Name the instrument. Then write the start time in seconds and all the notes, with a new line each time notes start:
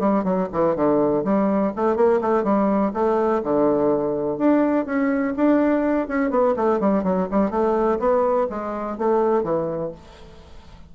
bassoon
0.00 G3
0.24 F#3
0.53 E3
0.76 D3
1.25 G3
1.76 A3
1.96 A#3
2.21 A3
2.44 G3
2.94 A3
3.44 D3
4.38 D4
4.86 C#4
5.37 D4
6.08 C#4
6.31 B3
6.57 A3
6.80 G3
7.04 F#3
7.31 G3
7.51 A3
7.99 B3
8.50 G#3
8.98 A3
9.43 E3